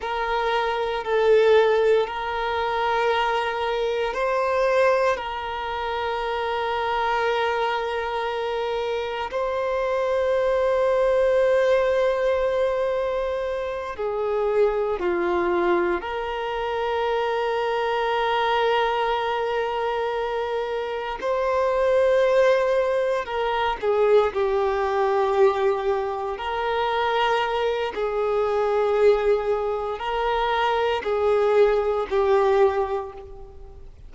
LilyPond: \new Staff \with { instrumentName = "violin" } { \time 4/4 \tempo 4 = 58 ais'4 a'4 ais'2 | c''4 ais'2.~ | ais'4 c''2.~ | c''4. gis'4 f'4 ais'8~ |
ais'1~ | ais'8 c''2 ais'8 gis'8 g'8~ | g'4. ais'4. gis'4~ | gis'4 ais'4 gis'4 g'4 | }